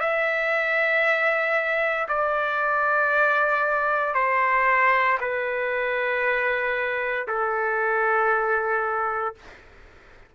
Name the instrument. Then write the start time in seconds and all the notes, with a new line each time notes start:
trumpet
0.00 E5
2.08 D5
4.14 C5
5.20 B4
7.27 A4